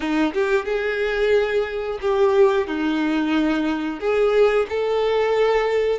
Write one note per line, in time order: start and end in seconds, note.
0.00 0.33 D#4
0.33 0.65 G4
0.65 1.98 G#4
2.01 2.67 G4
2.67 3.99 D#4
3.99 4.66 G#4
4.69 5.98 A4